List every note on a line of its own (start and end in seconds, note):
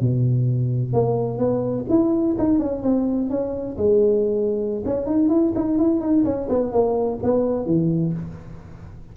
0.00 0.93 B2
0.93 1.38 A#3
1.38 1.85 B3
1.89 2.36 E4
2.38 2.59 D#4
2.59 2.82 C#4
2.82 3.29 C4
3.29 3.77 C#4
3.77 4.83 G#3
4.85 5.06 C#4
5.06 5.29 D#4
5.29 5.53 E4
5.55 5.78 D#4
5.78 6.00 E4
6.00 6.24 D#4
6.24 6.48 C#4
6.49 6.72 B3
6.72 7.19 A#3
7.23 7.65 B3
7.65 8.13 E3